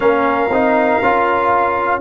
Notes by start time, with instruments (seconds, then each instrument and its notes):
0.00 tuba A#3, trombone C#4, horn A#4, trumpet F5
0.49 tuba C4, trombone D#4
1.02 tuba C#4, trombone F4